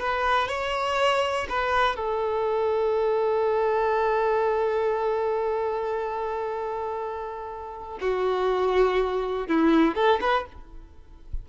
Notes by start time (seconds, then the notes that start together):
0.00 B4
0.49 C#5
1.50 B4
1.96 A4
8.01 F#4
9.48 E4
9.95 A4
10.21 B4